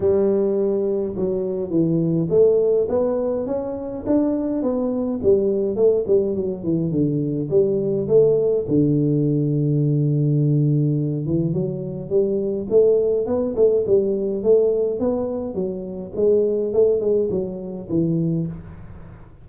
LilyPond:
\new Staff \with { instrumentName = "tuba" } { \time 4/4 \tempo 4 = 104 g2 fis4 e4 | a4 b4 cis'4 d'4 | b4 g4 a8 g8 fis8 e8 | d4 g4 a4 d4~ |
d2.~ d8 e8 | fis4 g4 a4 b8 a8 | g4 a4 b4 fis4 | gis4 a8 gis8 fis4 e4 | }